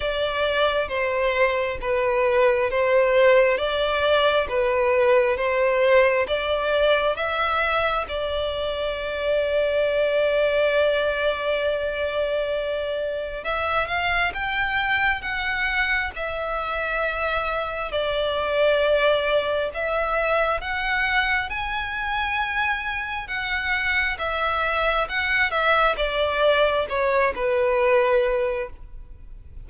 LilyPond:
\new Staff \with { instrumentName = "violin" } { \time 4/4 \tempo 4 = 67 d''4 c''4 b'4 c''4 | d''4 b'4 c''4 d''4 | e''4 d''2.~ | d''2. e''8 f''8 |
g''4 fis''4 e''2 | d''2 e''4 fis''4 | gis''2 fis''4 e''4 | fis''8 e''8 d''4 cis''8 b'4. | }